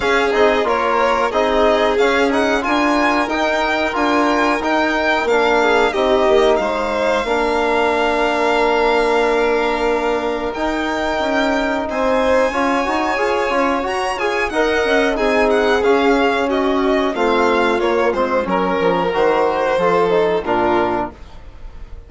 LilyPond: <<
  \new Staff \with { instrumentName = "violin" } { \time 4/4 \tempo 4 = 91 f''8 dis''8 cis''4 dis''4 f''8 fis''8 | gis''4 g''4 gis''4 g''4 | f''4 dis''4 f''2~ | f''1 |
g''2 gis''2~ | gis''4 ais''8 gis''8 fis''4 gis''8 fis''8 | f''4 dis''4 f''4 cis''8 c''8 | ais'4 c''2 ais'4 | }
  \new Staff \with { instrumentName = "violin" } { \time 4/4 gis'4 ais'4 gis'2 | ais'1~ | ais'8 gis'8 g'4 c''4 ais'4~ | ais'1~ |
ais'2 c''4 cis''4~ | cis''2 dis''4 gis'4~ | gis'4 fis'4 f'2 | ais'2 a'4 f'4 | }
  \new Staff \with { instrumentName = "trombone" } { \time 4/4 cis'8 dis'8 f'4 dis'4 cis'8 dis'8 | f'4 dis'4 f'4 dis'4 | d'4 dis'2 d'4~ | d'1 |
dis'2. f'8 fis'8 | gis'8 f'8 fis'8 gis'8 ais'4 dis'4 | cis'2 c'4 ais8 c'8 | cis'4 fis'4 f'8 dis'8 d'4 | }
  \new Staff \with { instrumentName = "bassoon" } { \time 4/4 cis'8 c'8 ais4 c'4 cis'4 | d'4 dis'4 d'4 dis'4 | ais4 c'8 ais8 gis4 ais4~ | ais1 |
dis'4 cis'4 c'4 cis'8 dis'8 | f'8 cis'8 fis'8 f'8 dis'8 cis'8 c'4 | cis'2 a4 ais8 gis8 | fis8 f8 dis4 f4 ais,4 | }
>>